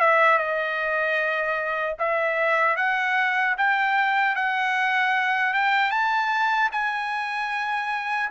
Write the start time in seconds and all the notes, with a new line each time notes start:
0.00 E5
0.38 D#5
1.99 E5
2.76 F#5
3.57 G5
4.35 F#5
5.53 G5
5.90 A5
6.72 G#5